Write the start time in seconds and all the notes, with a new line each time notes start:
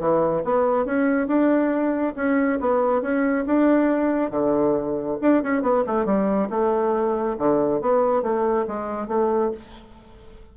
0.00 E3
0.45 B3
0.86 C#4
1.28 D4
2.16 C#4
2.61 B3
3.02 C#4
3.47 D4
4.31 D3
5.22 D4
5.44 C#4
5.62 B3
5.87 A3
6.06 G3
6.50 A3
7.39 D3
7.82 B3
8.23 A3
8.68 G#3
9.08 A3